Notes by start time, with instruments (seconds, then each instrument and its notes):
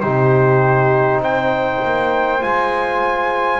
0.00 double bass C3, trombone D#4, flute G4, trumpet C5
1.17 double bass C4, flute C5
1.23 trumpet G5
1.84 double bass A#3
2.40 double bass G#3, trombone F4, trumpet G#5